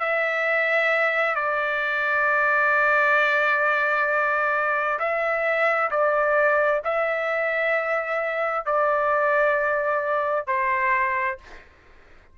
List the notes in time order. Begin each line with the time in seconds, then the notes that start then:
0.00 E5
1.35 D5
4.99 E5
5.91 D5
6.85 E5
8.66 D5
10.47 C5